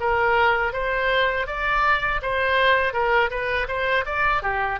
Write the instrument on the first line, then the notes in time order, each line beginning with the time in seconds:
oboe
0.00 A#4
0.73 C5
1.47 D5
2.22 C5
2.93 A#4
3.30 B4
3.68 C5
4.06 D5
4.42 G4